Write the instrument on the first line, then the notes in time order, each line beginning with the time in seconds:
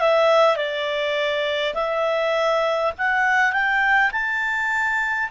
clarinet
0.00 E5
0.57 D5
1.75 E5
2.98 F#5
3.52 G5
4.12 A5